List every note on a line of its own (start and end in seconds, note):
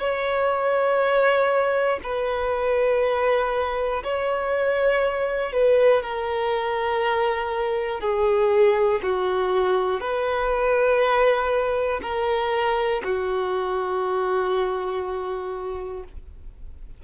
0.00 2.00 C#5
2.04 4.04 B4
4.04 5.53 C#5
5.53 6.03 B4
6.03 8.01 A#4
8.01 9.01 G#4
9.03 10.00 F#4
10.00 12.00 B4
12.03 13.03 A#4
13.04 16.04 F#4